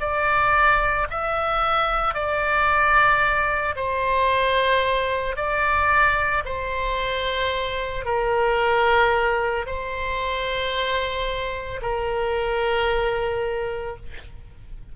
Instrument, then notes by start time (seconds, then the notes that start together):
oboe
0.00 D5
1.10 E5
2.14 D5
3.75 C5
5.36 D5
6.45 C5
8.05 A#4
9.66 C5
11.82 A#4